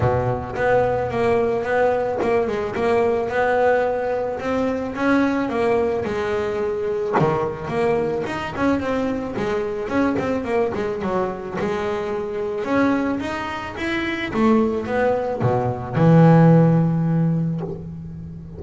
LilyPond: \new Staff \with { instrumentName = "double bass" } { \time 4/4 \tempo 4 = 109 b,4 b4 ais4 b4 | ais8 gis8 ais4 b2 | c'4 cis'4 ais4 gis4~ | gis4 dis4 ais4 dis'8 cis'8 |
c'4 gis4 cis'8 c'8 ais8 gis8 | fis4 gis2 cis'4 | dis'4 e'4 a4 b4 | b,4 e2. | }